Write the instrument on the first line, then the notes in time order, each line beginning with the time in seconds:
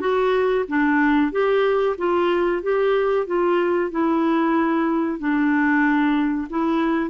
clarinet
0.00 F#4
0.68 D4
1.31 G4
1.98 F4
2.62 G4
3.26 F4
3.91 E4
5.18 D4
6.49 E4